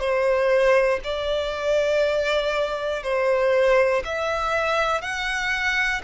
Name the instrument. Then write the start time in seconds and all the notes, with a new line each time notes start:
violin
0.00 C5
1.04 D5
3.03 C5
4.05 E5
5.01 F#5